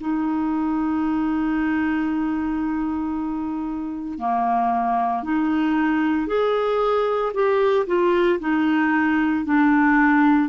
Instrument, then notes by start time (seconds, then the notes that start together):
clarinet
0.00 D#4
4.19 A#3
5.23 D#4
6.27 G#4
7.34 G4
7.87 F4
8.40 D#4
9.45 D4